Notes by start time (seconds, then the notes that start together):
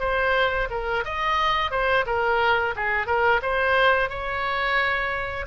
0.00 C5
0.70 A#4
1.04 D#5
1.71 C5
2.06 A#4
2.76 G#4
3.07 A#4
3.42 C5
4.09 C#5